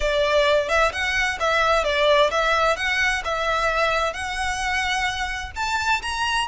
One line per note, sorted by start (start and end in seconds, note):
0.00 0.68 D5
0.68 0.91 E5
0.92 1.38 F#5
1.39 1.84 E5
1.84 2.30 D5
2.30 2.76 E5
2.76 3.22 F#5
3.24 4.13 E5
4.13 5.51 F#5
5.55 6.01 A5
6.01 6.47 A#5